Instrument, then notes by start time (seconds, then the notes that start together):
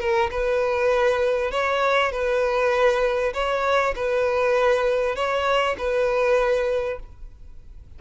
violin
0.00 A#4
0.31 B4
1.52 C#5
2.12 B4
3.34 C#5
3.96 B4
5.16 C#5
5.79 B4